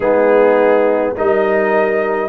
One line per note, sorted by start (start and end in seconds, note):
0.00 1.12 G#3
0.00 1.16 B3
0.00 1.13 D#4
0.00 1.14 G#4
1.16 2.29 G3
1.16 2.29 D#4
1.16 2.29 A#4
1.16 2.29 D#5